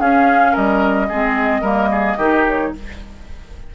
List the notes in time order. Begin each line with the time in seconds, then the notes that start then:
0.00 C#4 G#4 F5
0.52 G3 A#4 D#5
1.09 G#3 C4 G#4
1.62 G3 A#3 A#4
1.92 G#4
2.18 D#3 D#4 G4
2.48 C#5